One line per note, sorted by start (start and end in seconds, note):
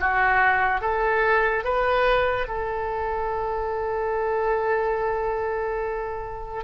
0.00 0.81 F#4
0.81 1.65 A4
1.65 2.48 B4
2.48 6.64 A4